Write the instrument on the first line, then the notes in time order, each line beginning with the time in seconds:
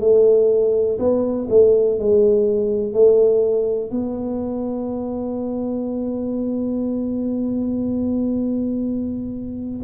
tuba
0.00 A3
0.99 B3
1.50 A3
1.99 G#3
2.93 A3
3.91 B3